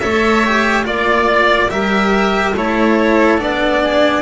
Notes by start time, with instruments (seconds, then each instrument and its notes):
0.00 double bass A3, cello A4, oboe C#5, violin E5
0.46 cello G4
0.84 double bass A#3, cello F4, violin D5, oboe D5
1.70 double bass G3, cello G4, oboe A#4, violin E5
2.55 double bass A3, cello E4, oboe A4, violin C#5
3.39 double bass B3, cello D4, violin D5
3.84 oboe G#4